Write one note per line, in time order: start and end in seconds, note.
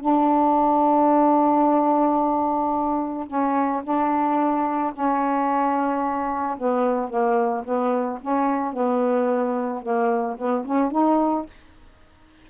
0.00 3.27 D4
3.27 3.82 C#4
3.84 4.93 D4
4.93 6.57 C#4
6.57 7.09 B3
7.09 7.64 A#3
7.64 8.19 B3
8.21 8.73 C#4
8.73 9.82 B3
9.82 10.37 A#3
10.37 10.64 B3
10.65 10.91 C#4
10.91 11.46 D#4